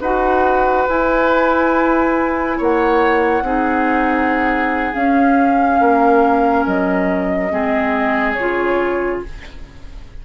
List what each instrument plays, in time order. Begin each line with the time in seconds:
0.00 bassoon D#4, clarinet F#4, oboe B4, flute F#5
0.88 clarinet E4, bassoon E4, flute G#5
2.57 bassoon A#3, oboe C#5, flute F#5
3.42 bassoon C4, clarinet D#4, oboe G#4
4.93 clarinet C#4, bassoon C#4, flute F5
5.80 bassoon A#3, oboe A#4
6.66 bassoon F#3, flute D#5
7.49 bassoon G#3, clarinet C4, oboe G#4
8.32 bassoon C#3, flute C#5
8.39 clarinet F4